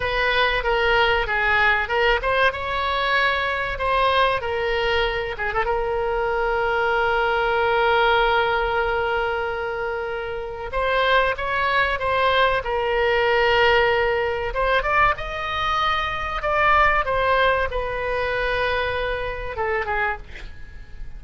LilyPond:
\new Staff \with { instrumentName = "oboe" } { \time 4/4 \tempo 4 = 95 b'4 ais'4 gis'4 ais'8 c''8 | cis''2 c''4 ais'4~ | ais'8 gis'16 a'16 ais'2.~ | ais'1~ |
ais'4 c''4 cis''4 c''4 | ais'2. c''8 d''8 | dis''2 d''4 c''4 | b'2. a'8 gis'8 | }